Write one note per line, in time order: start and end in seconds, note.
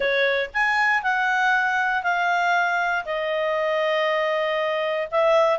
0.00 0.50 C#5
0.53 1.02 G#5
1.02 2.03 F#5
2.03 3.05 F5
3.05 5.08 D#5
5.11 5.59 E5